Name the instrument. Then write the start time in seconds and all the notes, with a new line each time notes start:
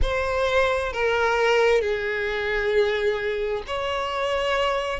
violin
0.02 C5
0.93 A#4
1.81 G#4
3.67 C#5